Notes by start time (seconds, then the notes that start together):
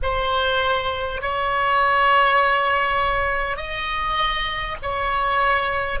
0.02 C5
1.21 C#5
3.56 D#5
4.82 C#5